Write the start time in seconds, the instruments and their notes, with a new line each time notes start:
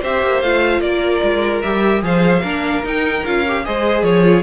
0.00 cello C4, viola G4, violin C5 E5
0.22 cello A#3
0.41 cello A3, viola F4, violin F5
0.80 cello A#3, violin A#4 D5
1.23 cello G#3
1.61 cello G3, viola G4, violin E5
2.01 cello F3, viola G#4, violin C5 F5
2.42 cello A#3, viola D4, violin A#4
2.83 viola D#4, cello D#4, violin G5
3.25 cello C#4, viola F4, violin F5
3.47 viola G4
3.64 cello G#3, viola G#4, violin C5 D#5
4.02 cello F3, violin G#4 C#5
4.23 viola F4